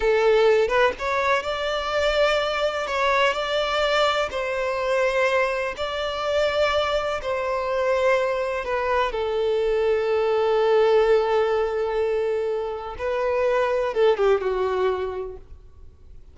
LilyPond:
\new Staff \with { instrumentName = "violin" } { \time 4/4 \tempo 4 = 125 a'4. b'8 cis''4 d''4~ | d''2 cis''4 d''4~ | d''4 c''2. | d''2. c''4~ |
c''2 b'4 a'4~ | a'1~ | a'2. b'4~ | b'4 a'8 g'8 fis'2 | }